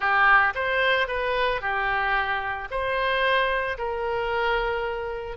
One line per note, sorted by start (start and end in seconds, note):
0.00 0.53 G4
0.55 1.07 C5
1.07 1.61 B4
1.61 2.68 G4
2.70 3.77 C5
3.77 5.37 A#4